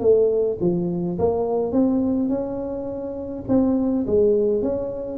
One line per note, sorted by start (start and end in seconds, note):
0.00 0.58 A3
0.61 1.19 F3
1.19 1.72 A#3
1.72 2.29 C4
2.29 3.44 C#4
3.49 4.06 C4
4.07 4.62 G#3
4.62 5.18 C#4